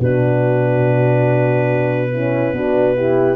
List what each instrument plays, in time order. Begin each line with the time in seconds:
0.00 tuba B2, horn D4 F#4, clarinet B4
2.13 horn C#4 E4
2.53 tuba B3, horn D4 F#4
2.96 horn E4 G4